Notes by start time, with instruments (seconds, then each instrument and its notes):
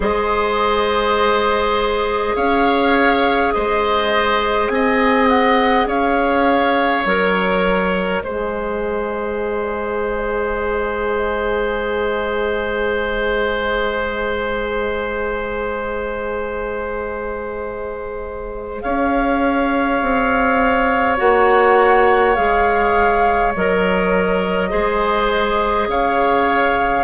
0.00 bassoon G#3, clarinet G#4, oboe C5, flute D#5
2.36 bassoon C#4, oboe C#5, flute F5
3.51 bassoon G#3, oboe C5, flute D#5
4.67 bassoon C4, flute G#5
4.74 oboe D#5
5.28 flute F#5
5.85 bassoon C#4, oboe C#5, flute F5
7.05 bassoon F#3, clarinet A#4, flute D#5
8.23 bassoon G#3, clarinet G#4, oboe C5
18.81 bassoon C#4, oboe C#5, flute F5
20.01 bassoon C4
21.17 bassoon A#3, clarinet F#4, flute F#5
22.35 bassoon G#3, clarinet G#4, flute F5
23.55 bassoon F#3, clarinet A#4, flute D#5
24.69 bassoon G#3, clarinet G#4, oboe C5
25.87 bassoon C#3, oboe C#5, flute F5